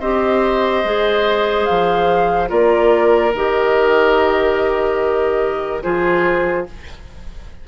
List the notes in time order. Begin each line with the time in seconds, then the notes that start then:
0.00 C4 G4 C5 D#5
0.84 G#3 G#4
1.65 F3 F5
2.47 A#3 F4 A#4 D5
3.34 D#3 G4 D#5
5.82 F3 F4 G#4 C5